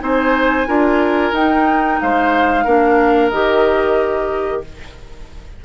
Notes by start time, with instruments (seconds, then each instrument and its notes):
0.00 bassoon C4, clarinet D#4, oboe C5, flute G#5
0.66 bassoon D4, clarinet F4, oboe A#4
1.32 bassoon D#4, clarinet D#4, flute G5
2.00 bassoon G#3, oboe C5, flute F5
2.64 bassoon A#3, clarinet D4, oboe A#4
3.29 bassoon D#3, clarinet G4, flute D#5